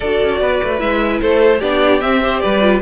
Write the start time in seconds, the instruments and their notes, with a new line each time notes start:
0.00 cello D4, viola F#4, violin A4 D5
0.22 cello C#4
0.40 cello B3, violin B4
0.63 cello A3
0.78 cello G#3, viola E4, violin E5
1.21 cello A3, violin A4 C5
1.59 cello B3, viola D4, violin G4 D5
2.00 viola C4, cello C4, violin E5
2.22 viola G4, violin C5
2.39 cello G3, violin B4 D5
2.61 viola F4